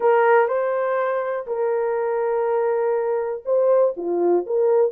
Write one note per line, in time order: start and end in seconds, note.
0.00 0.47 A#4
0.47 1.46 C5
1.46 3.43 A#4
3.45 3.94 C5
3.96 4.45 F4
4.46 4.91 A#4